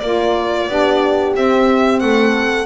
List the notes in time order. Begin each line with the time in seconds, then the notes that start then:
0.00 A#3 F4 A#4 D5
0.69 B3 D4 G4
1.34 C4 E5
2.00 A3 A4 F#5